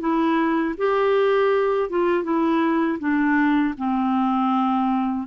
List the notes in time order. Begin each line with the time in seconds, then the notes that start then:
0.00 E4
0.78 G4
1.90 F4
2.24 E4
3.00 D4
3.78 C4